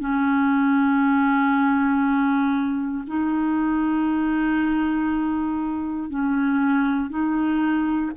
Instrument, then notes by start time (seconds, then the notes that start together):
clarinet
0.00 C#4
3.07 D#4
6.10 C#4
7.10 D#4